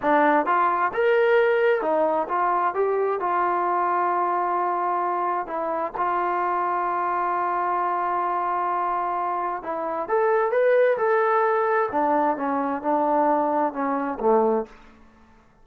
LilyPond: \new Staff \with { instrumentName = "trombone" } { \time 4/4 \tempo 4 = 131 d'4 f'4 ais'2 | dis'4 f'4 g'4 f'4~ | f'1 | e'4 f'2.~ |
f'1~ | f'4 e'4 a'4 b'4 | a'2 d'4 cis'4 | d'2 cis'4 a4 | }